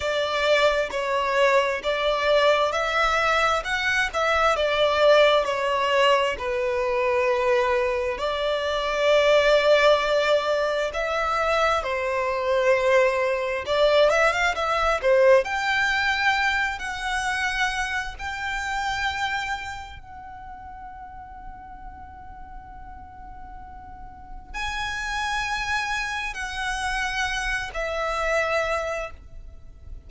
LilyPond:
\new Staff \with { instrumentName = "violin" } { \time 4/4 \tempo 4 = 66 d''4 cis''4 d''4 e''4 | fis''8 e''8 d''4 cis''4 b'4~ | b'4 d''2. | e''4 c''2 d''8 e''16 f''16 |
e''8 c''8 g''4. fis''4. | g''2 fis''2~ | fis''2. gis''4~ | gis''4 fis''4. e''4. | }